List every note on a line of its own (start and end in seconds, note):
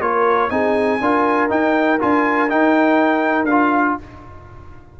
0.00 0.49 A#3
0.00 0.50 F4
0.00 0.52 A#4
0.00 0.49 C#5
0.49 0.99 C4
0.49 0.99 D#4
0.49 1.01 G#4
0.49 1.48 G#5
1.00 1.49 D4
1.00 1.49 F4
1.00 3.96 A#4
1.49 1.98 D#4
1.49 1.99 D#4
1.49 1.99 G5
1.99 2.51 D4
1.99 2.48 F4
1.99 2.49 G#5
2.49 3.47 D#4
2.49 3.44 D#4
2.49 3.45 G5
3.44 3.93 D4
3.44 3.94 F5
3.51 4.00 F4